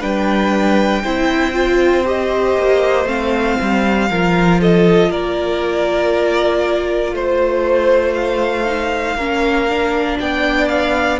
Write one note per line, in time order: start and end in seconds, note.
0.00 1.04 G3
0.00 1.02 D4
0.00 1.02 B4
0.00 2.06 G5
1.04 2.56 C4
1.04 1.53 E4
1.04 4.09 C5
1.53 2.04 F4
2.05 3.06 G4
2.05 3.08 D#5
2.56 3.05 A#3
3.05 3.56 A3
3.05 4.07 C4
3.05 4.60 F5
3.61 4.10 G3
4.10 5.09 F3
4.10 8.65 F4
4.10 4.61 A#4
4.61 5.10 A4
4.61 5.11 D#5
5.09 7.12 A#3
5.09 7.14 A#4
5.09 7.14 D5
7.12 9.15 A3
7.12 8.14 C5
7.12 9.17 C5
8.14 10.17 F5
8.65 9.16 D#4
9.15 10.17 A#3
9.15 9.68 C#4
9.15 10.18 A#4
9.68 11.20 D4
10.20 11.20 B3
10.20 11.20 D5
10.20 10.68 G5
10.68 11.19 F5